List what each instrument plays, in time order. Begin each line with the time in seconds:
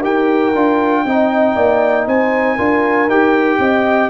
0.00 tuba D#4, trombone G4, horn A#4, trumpet G5
0.55 tuba D4, trombone F4
1.05 tuba C4, trombone D#4, horn D#5
1.56 tuba A#3, horn D5
2.07 tuba C4, horn C5, trumpet G#5
2.56 tuba D4, trombone F4, horn A#4
3.07 tuba D#4, trombone G4, trumpet G5
3.59 tuba C4, horn D#5